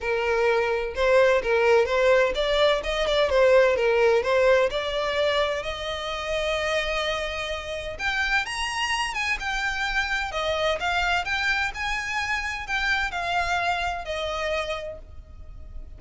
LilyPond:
\new Staff \with { instrumentName = "violin" } { \time 4/4 \tempo 4 = 128 ais'2 c''4 ais'4 | c''4 d''4 dis''8 d''8 c''4 | ais'4 c''4 d''2 | dis''1~ |
dis''4 g''4 ais''4. gis''8 | g''2 dis''4 f''4 | g''4 gis''2 g''4 | f''2 dis''2 | }